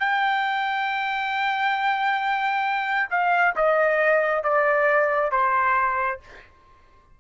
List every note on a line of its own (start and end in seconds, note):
0.00 3.09 G5
3.10 3.55 F5
3.56 4.44 D#5
4.44 5.32 D5
5.32 6.20 C5